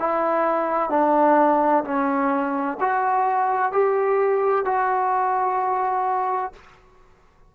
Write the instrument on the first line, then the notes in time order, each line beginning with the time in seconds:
trombone
0.00 E4
0.90 D4
1.85 C#4
2.80 F#4
3.72 G4
4.65 F#4